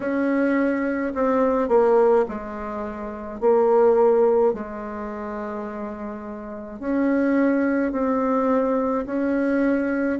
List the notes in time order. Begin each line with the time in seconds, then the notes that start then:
0.00 C#4
1.14 C4
1.68 A#3
2.28 G#3
3.40 A#3
4.53 G#3
6.79 C#4
7.92 C4
9.06 C#4